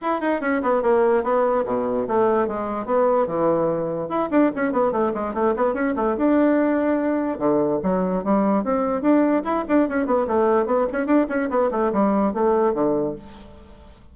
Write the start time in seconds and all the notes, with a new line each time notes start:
0.01 E4
0.20 D#4
0.41 C#4
0.62 B3
0.82 A#3
1.23 B3
1.65 B2
2.07 A3
2.47 G#3
2.85 B3
3.27 E3
4.08 E4
4.31 D4
4.55 C#4
4.72 B3
4.91 A3
5.14 G#3
5.33 A3
5.56 B3
5.73 C#4
5.96 A3
6.17 D4
7.38 D3
7.82 F#3
8.24 G3
8.64 C4
9.01 D4
9.44 E4
9.68 D4
9.88 C#4
10.06 B3
10.27 A3
10.66 B3
10.92 C#4
11.06 D4
11.29 C#4
11.50 B3
11.71 A3
11.93 G3
12.33 A3
12.74 D3